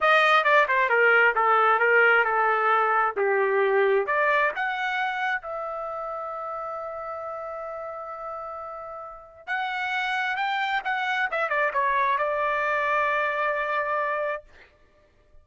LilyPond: \new Staff \with { instrumentName = "trumpet" } { \time 4/4 \tempo 4 = 133 dis''4 d''8 c''8 ais'4 a'4 | ais'4 a'2 g'4~ | g'4 d''4 fis''2 | e''1~ |
e''1~ | e''4 fis''2 g''4 | fis''4 e''8 d''8 cis''4 d''4~ | d''1 | }